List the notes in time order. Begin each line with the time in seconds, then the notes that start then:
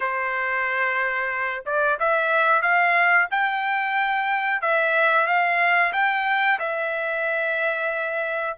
0.00 C5
1.65 D5
1.99 E5
2.61 F5
3.31 G5
4.61 E5
5.26 F5
5.92 G5
6.59 E5